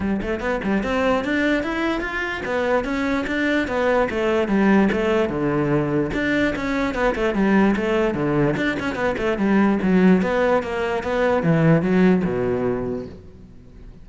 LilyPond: \new Staff \with { instrumentName = "cello" } { \time 4/4 \tempo 4 = 147 g8 a8 b8 g8 c'4 d'4 | e'4 f'4 b4 cis'4 | d'4 b4 a4 g4 | a4 d2 d'4 |
cis'4 b8 a8 g4 a4 | d4 d'8 cis'8 b8 a8 g4 | fis4 b4 ais4 b4 | e4 fis4 b,2 | }